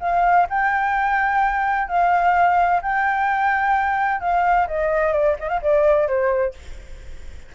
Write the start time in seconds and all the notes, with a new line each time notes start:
0.00 F5
0.49 G5
1.88 F5
2.82 G5
4.20 F5
4.67 D#5
5.12 D5
5.39 D#5
5.48 F5
5.61 D5
6.07 C5